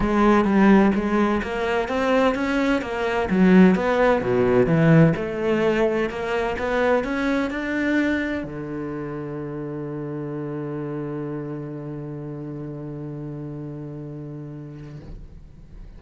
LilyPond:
\new Staff \with { instrumentName = "cello" } { \time 4/4 \tempo 4 = 128 gis4 g4 gis4 ais4 | c'4 cis'4 ais4 fis4 | b4 b,4 e4 a4~ | a4 ais4 b4 cis'4 |
d'2 d2~ | d1~ | d1~ | d1 | }